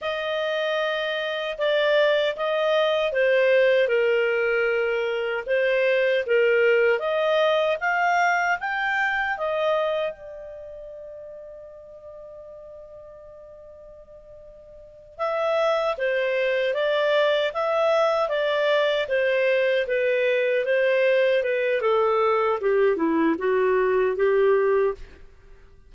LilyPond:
\new Staff \with { instrumentName = "clarinet" } { \time 4/4 \tempo 4 = 77 dis''2 d''4 dis''4 | c''4 ais'2 c''4 | ais'4 dis''4 f''4 g''4 | dis''4 d''2.~ |
d''2.~ d''8 e''8~ | e''8 c''4 d''4 e''4 d''8~ | d''8 c''4 b'4 c''4 b'8 | a'4 g'8 e'8 fis'4 g'4 | }